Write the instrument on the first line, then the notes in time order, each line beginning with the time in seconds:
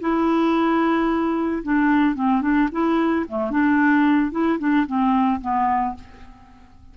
clarinet
0.00 E4
1.62 D4
2.15 C4
2.41 D4
2.71 E4
3.29 A3
3.50 D4
4.31 E4
4.59 D4
4.86 C4
5.41 B3